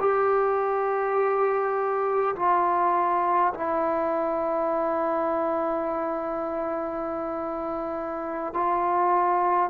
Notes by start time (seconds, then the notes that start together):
0.00 G4
2.36 F4
3.54 E4
8.53 F4